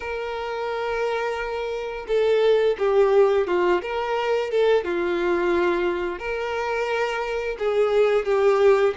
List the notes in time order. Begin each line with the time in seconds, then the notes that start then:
0.00 A#4
2.07 A4
2.78 G4
3.47 F4
3.82 A#4
4.50 A4
4.84 F4
6.18 A#4
7.58 G#4
8.25 G4